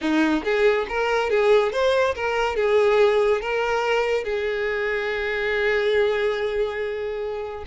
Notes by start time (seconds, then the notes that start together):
0.01 D#4
0.44 G#4
0.88 A#4
1.30 G#4
1.72 C5
2.15 A#4
2.56 G#4
3.41 A#4
4.23 G#4